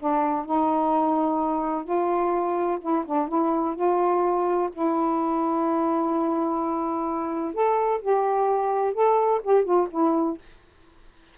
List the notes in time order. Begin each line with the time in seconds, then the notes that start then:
0.00 D4
0.46 D#4
1.84 F4
2.82 E4
3.06 D4
3.29 E4
3.76 F4
4.73 E4
7.54 A4
8.02 G4
8.94 A4
9.44 G4
9.65 F4
9.91 E4